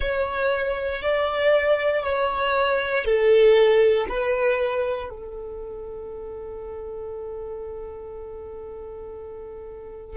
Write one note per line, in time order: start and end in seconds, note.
0.00 1.02 C#5
1.02 2.03 D5
2.03 3.05 C#5
3.05 4.06 A4
4.08 5.09 B4
5.09 10.16 A4